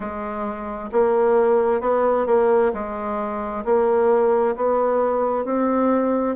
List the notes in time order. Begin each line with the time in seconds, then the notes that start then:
0.00 G#3
0.92 A#3
1.81 B3
2.26 A#3
2.73 G#3
3.64 A#3
4.55 B3
5.45 C4